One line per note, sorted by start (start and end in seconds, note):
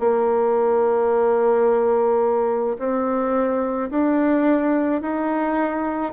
0.00 2.78 A#3
2.79 3.90 C4
3.90 5.02 D4
5.02 6.13 D#4